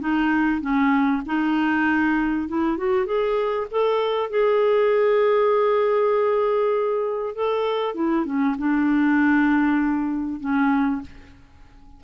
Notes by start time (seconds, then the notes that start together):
0.00 D#4
0.61 C#4
1.26 D#4
2.49 E4
2.78 F#4
3.06 G#4
3.71 A4
4.30 G#4
7.35 A4
7.95 E4
8.26 C#4
8.59 D4
10.41 C#4